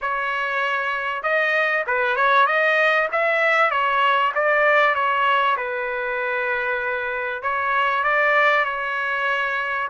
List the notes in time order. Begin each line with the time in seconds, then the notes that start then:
0.01 C#5
1.22 D#5
1.86 B4
2.16 C#5
2.46 D#5
3.12 E5
3.70 C#5
4.34 D5
4.94 C#5
5.57 B4
7.42 C#5
8.03 D5
8.64 C#5